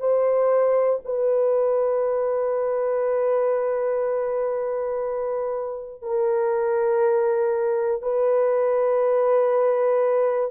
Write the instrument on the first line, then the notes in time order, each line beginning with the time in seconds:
horn
0.00 C5
1.05 B4
6.03 A#4
8.02 B4